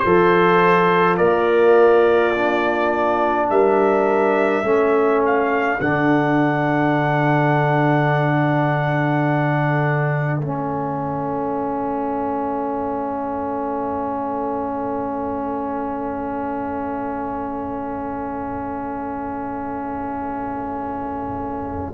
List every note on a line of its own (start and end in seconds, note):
0.00 1.21 F3
0.00 3.51 F4
0.00 1.18 A4
0.00 1.15 C5
1.18 3.51 A#3
1.18 2.34 A#4
1.18 3.48 D5
2.35 4.64 D4
3.50 4.64 G3
3.50 4.66 A#4
3.50 5.23 E5
4.64 5.79 A3
4.64 5.80 C#4
4.64 21.94 A4
5.26 5.81 F5
5.80 10.42 D3
5.80 10.42 D4
5.80 10.41 F#5
10.41 21.94 A3
10.41 21.94 C#4
10.41 21.94 E5